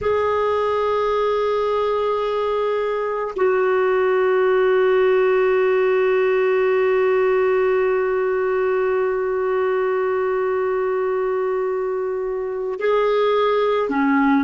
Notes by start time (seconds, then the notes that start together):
0.01 G#4
3.35 F#4
12.79 G#4
13.89 C#4